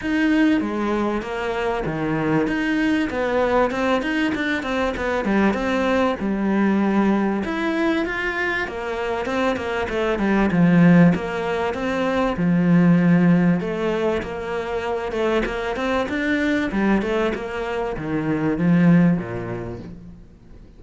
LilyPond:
\new Staff \with { instrumentName = "cello" } { \time 4/4 \tempo 4 = 97 dis'4 gis4 ais4 dis4 | dis'4 b4 c'8 dis'8 d'8 c'8 | b8 g8 c'4 g2 | e'4 f'4 ais4 c'8 ais8 |
a8 g8 f4 ais4 c'4 | f2 a4 ais4~ | ais8 a8 ais8 c'8 d'4 g8 a8 | ais4 dis4 f4 ais,4 | }